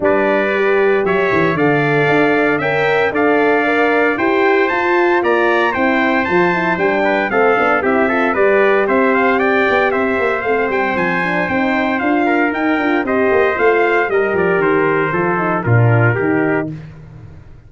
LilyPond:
<<
  \new Staff \with { instrumentName = "trumpet" } { \time 4/4 \tempo 4 = 115 d''2 e''4 f''4~ | f''4 g''4 f''2 | g''4 a''4 ais''4 g''4 | a''4 g''4 f''4 e''4 |
d''4 e''8 f''8 g''4 e''4 | f''8 g''8 gis''4 g''4 f''4 | g''4 dis''4 f''4 dis''8 d''8 | c''2 ais'2 | }
  \new Staff \with { instrumentName = "trumpet" } { \time 4/4 b'2 cis''4 d''4~ | d''4 e''4 d''2 | c''2 d''4 c''4~ | c''4. b'8 a'4 g'8 a'8 |
b'4 c''4 d''4 c''4~ | c''2.~ c''8 ais'8~ | ais'4 c''2 ais'4~ | ais'4 a'4 f'4 g'4 | }
  \new Staff \with { instrumentName = "horn" } { \time 4/4 d'4 g'2 a'4~ | a'4 ais'4 a'4 ais'4 | g'4 f'2 e'4 | f'8 e'8 d'4 c'8 d'8 e'8 f'8 |
g'1 | c'4. d'8 dis'4 f'4 | dis'8 f'8 g'4 f'4 g'4~ | g'4 f'8 dis'8 d'4 dis'4 | }
  \new Staff \with { instrumentName = "tuba" } { \time 4/4 g2 fis8 e8 d4 | d'4 cis'4 d'2 | e'4 f'4 ais4 c'4 | f4 g4 a8 b8 c'4 |
g4 c'4. b8 c'8 ais8 | a8 g8 f4 c'4 d'4 | dis'8 d'8 c'8 ais8 a4 g8 f8 | dis4 f4 ais,4 dis4 | }
>>